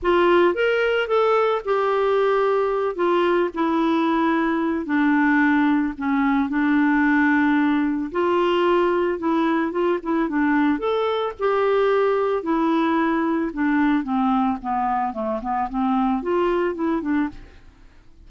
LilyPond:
\new Staff \with { instrumentName = "clarinet" } { \time 4/4 \tempo 4 = 111 f'4 ais'4 a'4 g'4~ | g'4. f'4 e'4.~ | e'4 d'2 cis'4 | d'2. f'4~ |
f'4 e'4 f'8 e'8 d'4 | a'4 g'2 e'4~ | e'4 d'4 c'4 b4 | a8 b8 c'4 f'4 e'8 d'8 | }